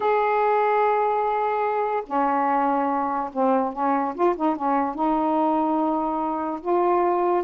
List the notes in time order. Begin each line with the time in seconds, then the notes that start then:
0.00 G#4
2.06 C#4
3.32 C4
3.72 C#4
4.14 F4
4.36 D#4
4.56 C#4
4.94 D#4
6.61 F4